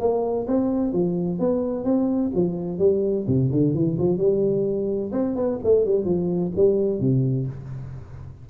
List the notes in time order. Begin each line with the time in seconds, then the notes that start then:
0.00 A#3
0.48 C4
0.94 F3
1.40 B3
1.85 C4
2.35 F3
2.79 G3
3.28 C3
3.52 D3
3.75 E3
3.99 F3
4.18 G3
5.12 C4
5.36 B3
5.64 A3
5.86 G3
6.05 F3
6.56 G3
7.01 C3